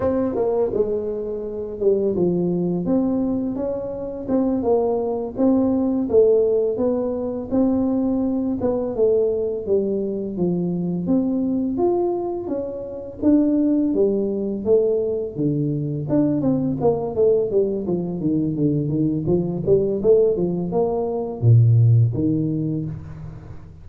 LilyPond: \new Staff \with { instrumentName = "tuba" } { \time 4/4 \tempo 4 = 84 c'8 ais8 gis4. g8 f4 | c'4 cis'4 c'8 ais4 c'8~ | c'8 a4 b4 c'4. | b8 a4 g4 f4 c'8~ |
c'8 f'4 cis'4 d'4 g8~ | g8 a4 d4 d'8 c'8 ais8 | a8 g8 f8 dis8 d8 dis8 f8 g8 | a8 f8 ais4 ais,4 dis4 | }